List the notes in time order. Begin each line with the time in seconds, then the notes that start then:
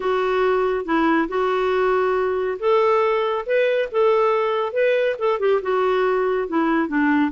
0.00 F#4
0.85 E4
1.28 F#4
2.59 A4
3.45 B4
3.91 A4
4.73 B4
5.18 A4
5.39 G4
5.62 F#4
6.48 E4
6.88 D4